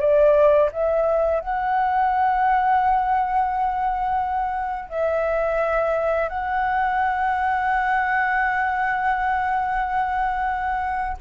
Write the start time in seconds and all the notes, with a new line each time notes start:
0.00 D5
0.72 E5
1.40 F#5
4.89 E5
6.29 F#5